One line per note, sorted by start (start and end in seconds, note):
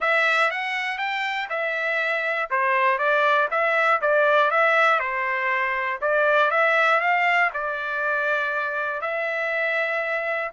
0.00 0.50 E5
0.50 0.98 F#5
0.98 1.48 G5
1.49 2.49 E5
2.50 2.98 C5
2.98 3.48 D5
3.50 4.00 E5
4.01 4.50 D5
4.50 4.99 E5
4.99 5.99 C5
6.01 6.50 D5
6.50 7.00 E5
7.00 7.50 F5
7.53 9.01 D5
9.01 10.51 E5